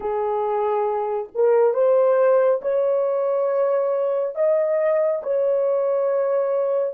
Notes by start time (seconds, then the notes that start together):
0.00 G#4
1.34 A#4
1.73 C5
2.61 C#5
4.35 D#5
5.22 C#5